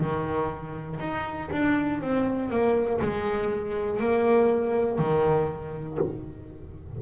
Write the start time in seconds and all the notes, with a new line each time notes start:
0.00 D#3
1.00 D#4
1.51 D4
2.01 C4
2.50 A#3
3.01 G#3
4.00 A#3
4.99 D#3